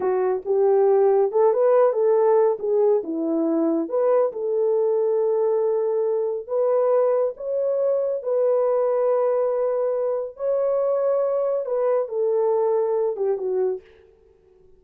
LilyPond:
\new Staff \with { instrumentName = "horn" } { \time 4/4 \tempo 4 = 139 fis'4 g'2 a'8 b'8~ | b'8 a'4. gis'4 e'4~ | e'4 b'4 a'2~ | a'2. b'4~ |
b'4 cis''2 b'4~ | b'1 | cis''2. b'4 | a'2~ a'8 g'8 fis'4 | }